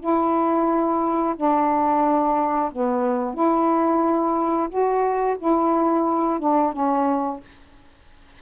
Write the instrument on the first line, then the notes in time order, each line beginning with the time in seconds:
saxophone
0.00 E4
1.36 D4
2.72 B3
3.34 E4
4.69 F#4
5.38 E4
6.39 D4
6.72 C#4